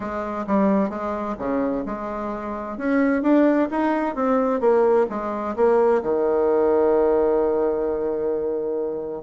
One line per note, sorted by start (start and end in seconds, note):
0.00 0.45 G#3
0.47 0.89 G3
0.89 1.35 G#3
1.38 1.84 C#3
1.85 2.77 G#3
2.77 3.22 C#4
3.22 3.68 D4
3.70 4.15 D#4
4.15 4.60 C4
4.60 5.06 A#3
5.09 5.55 G#3
5.56 6.02 A#3
6.02 9.22 D#3